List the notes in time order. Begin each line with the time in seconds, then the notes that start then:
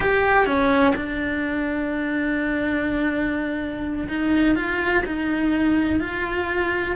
0.00 G4
0.46 C#4
0.95 D4
4.08 D#4
4.55 F4
5.06 D#4
6.00 F4